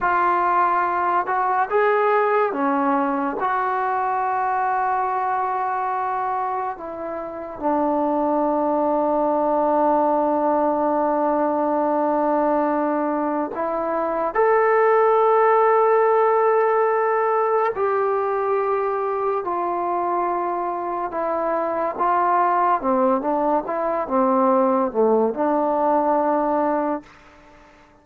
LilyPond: \new Staff \with { instrumentName = "trombone" } { \time 4/4 \tempo 4 = 71 f'4. fis'8 gis'4 cis'4 | fis'1 | e'4 d'2.~ | d'1 |
e'4 a'2.~ | a'4 g'2 f'4~ | f'4 e'4 f'4 c'8 d'8 | e'8 c'4 a8 d'2 | }